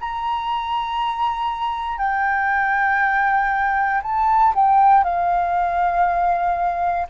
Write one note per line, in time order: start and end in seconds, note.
0.00 1.98 A#5
1.98 4.01 G5
4.03 4.53 A5
4.55 5.04 G5
5.04 7.07 F5